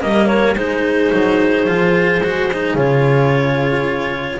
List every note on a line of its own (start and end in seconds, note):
0.00 0.55 G3
0.00 0.55 A#3
0.00 0.57 A#4
0.00 0.26 D#5
0.26 0.54 C#5
0.55 1.10 G#3
0.55 1.66 D#4
0.55 4.39 G#4
0.55 2.75 C5
1.12 1.67 F#3
1.66 2.20 F3
1.66 2.21 F4
2.20 2.74 G#3
2.20 2.50 F#4
2.53 2.77 D#4
2.74 4.39 C#3
2.74 4.39 F4
2.74 4.39 C#5